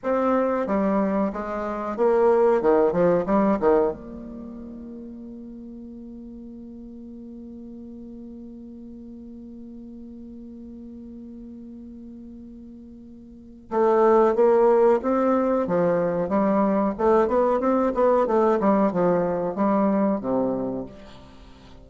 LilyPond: \new Staff \with { instrumentName = "bassoon" } { \time 4/4 \tempo 4 = 92 c'4 g4 gis4 ais4 | dis8 f8 g8 dis8 ais2~ | ais1~ | ais1~ |
ais1~ | ais4 a4 ais4 c'4 | f4 g4 a8 b8 c'8 b8 | a8 g8 f4 g4 c4 | }